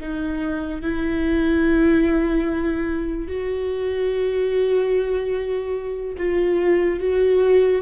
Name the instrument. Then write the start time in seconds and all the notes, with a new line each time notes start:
viola
0.00 D#4
0.81 E4
3.28 F#4
6.18 F4
7.00 F#4